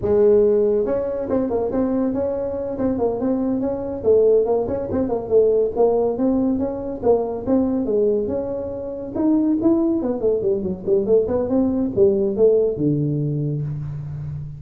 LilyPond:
\new Staff \with { instrumentName = "tuba" } { \time 4/4 \tempo 4 = 141 gis2 cis'4 c'8 ais8 | c'4 cis'4. c'8 ais8 c'8~ | c'8 cis'4 a4 ais8 cis'8 c'8 | ais8 a4 ais4 c'4 cis'8~ |
cis'8 ais4 c'4 gis4 cis'8~ | cis'4. dis'4 e'4 b8 | a8 g8 fis8 g8 a8 b8 c'4 | g4 a4 d2 | }